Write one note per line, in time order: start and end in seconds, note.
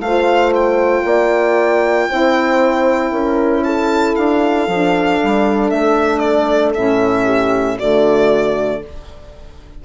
0.00 1.03 A3
0.00 2.10 F4
0.00 1.05 C5
0.00 0.53 F5
0.55 3.64 G5
1.05 2.08 A#3
1.05 2.09 D5
2.09 3.12 C4
2.09 4.69 E4
2.09 3.12 C5
3.12 4.15 C#4
3.12 3.64 A#4
3.64 7.25 A4
3.64 4.16 A5
4.16 4.68 D4
4.16 5.70 F5
4.68 5.19 F3
4.68 6.76 D4
5.24 5.72 G3
5.70 6.75 A3
5.70 6.19 E5
6.19 6.71 D5
6.75 7.80 A2
6.75 7.78 C#4
6.75 7.78 E5
7.25 7.76 G4
7.77 8.85 D3
7.77 8.81 A3
7.77 8.80 F#4
7.77 8.83 D5